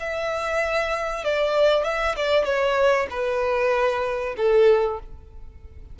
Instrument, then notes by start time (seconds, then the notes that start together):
violin
0.00 E5
1.25 D5
1.84 E5
2.16 D5
2.45 C#5
3.11 B4
4.37 A4